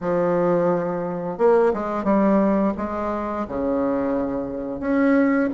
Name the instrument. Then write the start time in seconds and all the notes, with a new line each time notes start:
bassoon
0.00 F3
1.38 A#3
1.73 G#3
2.03 G3
2.77 G#3
3.48 C#3
4.80 C#4